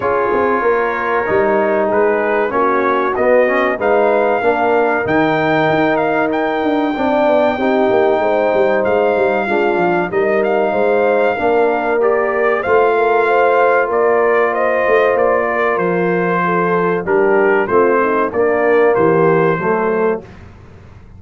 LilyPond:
<<
  \new Staff \with { instrumentName = "trumpet" } { \time 4/4 \tempo 4 = 95 cis''2. b'4 | cis''4 dis''4 f''2 | g''4. f''8 g''2~ | g''2 f''2 |
dis''8 f''2~ f''8 d''4 | f''2 d''4 dis''4 | d''4 c''2 ais'4 | c''4 d''4 c''2 | }
  \new Staff \with { instrumentName = "horn" } { \time 4/4 gis'4 ais'2 gis'4 | fis'2 b'4 ais'4~ | ais'2. d''4 | g'4 c''2 f'4 |
ais'4 c''4 ais'2 | c''8 ais'8 c''4 ais'4 c''4~ | c''8 ais'4. a'4 g'4 | f'8 dis'8 d'4 g'4 a'4 | }
  \new Staff \with { instrumentName = "trombone" } { \time 4/4 f'2 dis'2 | cis'4 b8 cis'8 dis'4 d'4 | dis'2. d'4 | dis'2. d'4 |
dis'2 d'4 g'4 | f'1~ | f'2. d'4 | c'4 ais2 a4 | }
  \new Staff \with { instrumentName = "tuba" } { \time 4/4 cis'8 c'8 ais4 g4 gis4 | ais4 b4 gis4 ais4 | dis4 dis'4. d'8 c'8 b8 | c'8 ais8 gis8 g8 gis8 g8 gis8 f8 |
g4 gis4 ais2 | a2 ais4. a8 | ais4 f2 g4 | a4 ais4 e4 fis4 | }
>>